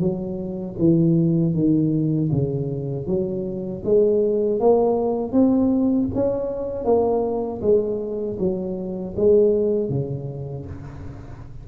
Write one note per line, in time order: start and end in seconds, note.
0.00 0.76 F#3
0.79 1.54 E3
1.54 2.30 D#3
2.32 3.07 C#3
3.07 3.83 F#3
3.85 4.60 G#3
4.60 5.33 A#3
5.33 6.09 C4
6.15 6.85 C#4
6.85 7.61 A#3
7.62 8.38 G#3
8.39 9.15 F#3
9.17 9.90 G#3
9.90 10.66 C#3